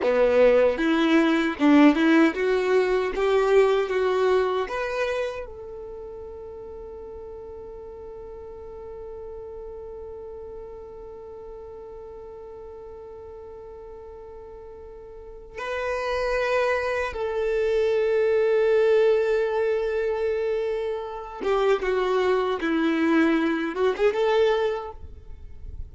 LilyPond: \new Staff \with { instrumentName = "violin" } { \time 4/4 \tempo 4 = 77 b4 e'4 d'8 e'8 fis'4 | g'4 fis'4 b'4 a'4~ | a'1~ | a'1~ |
a'1 | b'2 a'2~ | a'2.~ a'8 g'8 | fis'4 e'4. fis'16 gis'16 a'4 | }